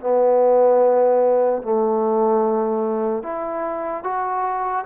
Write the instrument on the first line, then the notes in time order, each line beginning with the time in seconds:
trombone
0.00 B3
1.62 A3
3.22 E4
4.04 F#4